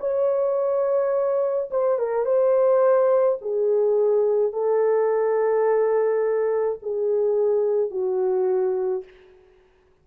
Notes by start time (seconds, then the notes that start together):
0.00 C#5
1.71 C5
1.99 A#4
2.25 C5
3.42 G#4
4.53 A4
6.82 G#4
7.90 F#4